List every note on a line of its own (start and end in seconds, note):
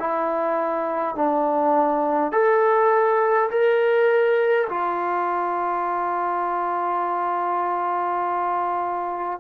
0.00 1.16 E4
1.16 2.33 D4
2.33 3.50 A4
3.51 4.68 A#4
4.70 9.40 F4